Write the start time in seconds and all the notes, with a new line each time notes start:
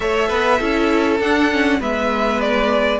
0.00 A3 A4 C#5 E5
0.28 B3 B4
0.58 C#4 E4 A4
1.19 D4 F#5
1.51 C#4
1.79 G#3 B3 B4 E5
2.41 D5